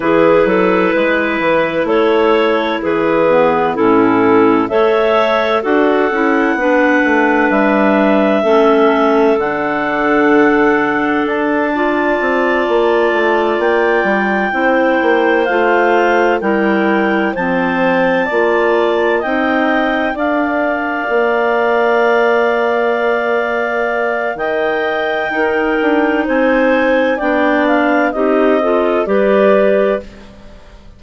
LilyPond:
<<
  \new Staff \with { instrumentName = "clarinet" } { \time 4/4 \tempo 4 = 64 b'2 cis''4 b'4 | a'4 e''4 fis''2 | e''2 fis''2 | a''2~ a''8 g''4.~ |
g''8 f''4 g''4 a''4.~ | a''8 g''4 f''2~ f''8~ | f''2 g''2 | gis''4 g''8 f''8 dis''4 d''4 | }
  \new Staff \with { instrumentName = "clarinet" } { \time 4/4 gis'8 a'8 b'4 a'4 gis'4 | e'4 cis''4 a'4 b'4~ | b'4 a'2.~ | a'8 d''2. c''8~ |
c''4. ais'4 c''4 d''8~ | d''8 dis''4 d''2~ d''8~ | d''2 dis''4 ais'4 | c''4 d''4 g'8 a'8 b'4 | }
  \new Staff \with { instrumentName = "clarinet" } { \time 4/4 e'2.~ e'8 b8 | cis'4 a'4 fis'8 e'8 d'4~ | d'4 cis'4 d'2~ | d'8 f'2. e'8~ |
e'8 f'4 e'4 c'4 f'8~ | f'8 dis'4 ais'2~ ais'8~ | ais'2. dis'4~ | dis'4 d'4 dis'8 f'8 g'4 | }
  \new Staff \with { instrumentName = "bassoon" } { \time 4/4 e8 fis8 gis8 e8 a4 e4 | a,4 a4 d'8 cis'8 b8 a8 | g4 a4 d2 | d'4 c'8 ais8 a8 ais8 g8 c'8 |
ais8 a4 g4 f4 ais8~ | ais8 c'4 d'4 ais4.~ | ais2 dis4 dis'8 d'8 | c'4 b4 c'4 g4 | }
>>